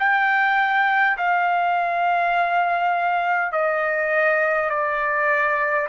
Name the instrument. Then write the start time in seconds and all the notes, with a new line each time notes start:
trumpet
0.00 G5
1.18 F5
3.52 D#5
4.71 D5